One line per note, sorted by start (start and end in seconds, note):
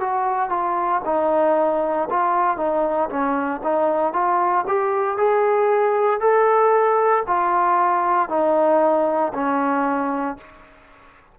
0.00 0.50 F#4
0.50 1.02 F4
1.05 2.09 D#4
2.10 2.57 F4
2.57 3.09 D#4
3.09 3.61 C#4
3.63 4.13 D#4
4.13 4.65 F4
4.67 5.18 G4
5.18 6.20 G#4
6.20 7.24 A4
7.27 8.29 F4
8.29 9.32 D#4
9.34 10.37 C#4